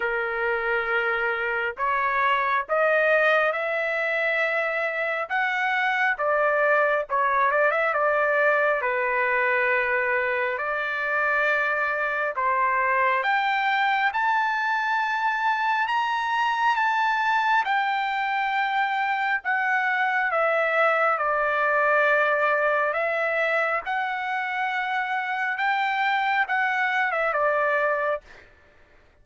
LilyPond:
\new Staff \with { instrumentName = "trumpet" } { \time 4/4 \tempo 4 = 68 ais'2 cis''4 dis''4 | e''2 fis''4 d''4 | cis''8 d''16 e''16 d''4 b'2 | d''2 c''4 g''4 |
a''2 ais''4 a''4 | g''2 fis''4 e''4 | d''2 e''4 fis''4~ | fis''4 g''4 fis''8. e''16 d''4 | }